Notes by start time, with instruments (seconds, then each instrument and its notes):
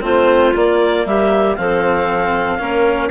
0.00 bassoon A3, cello C4, clarinet F4 C5
0.55 bassoon A#3, cello A#3, clarinet D5
1.05 bassoon G3, clarinet G4 E5
1.55 bassoon F3, cello C4, clarinet A4 F5
2.58 bassoon A#3, cello C#4, clarinet A#4